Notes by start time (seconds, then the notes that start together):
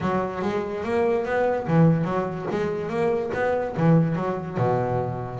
0.00 F#3
0.42 G#3
0.83 A#3
1.25 B3
1.67 E3
2.04 F#3
2.50 G#3
2.89 A#3
3.34 B3
3.77 E3
4.15 F#3
4.57 B2